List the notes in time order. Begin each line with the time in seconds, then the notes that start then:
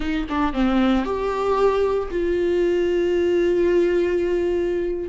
0.00 D#4
0.29 D4
0.53 C4
1.05 G4
2.11 F4